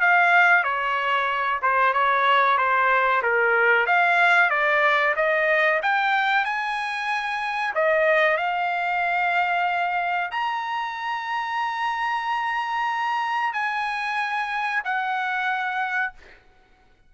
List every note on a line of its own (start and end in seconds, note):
0.00 0.63 F5
0.63 1.60 C#5
1.62 1.93 C5
1.93 2.57 C#5
2.57 3.22 C5
3.22 3.86 A#4
3.86 4.50 F5
4.50 5.14 D5
5.16 5.80 D#5
5.82 6.44 G5
6.44 7.73 G#5
7.74 8.37 D#5
8.37 10.30 F5
10.31 13.53 A#5
13.53 14.82 G#5
14.84 16.13 F#5